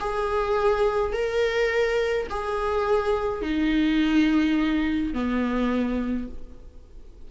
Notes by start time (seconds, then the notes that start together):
0.00 G#4
1.13 A#4
2.30 G#4
3.42 D#4
5.14 B3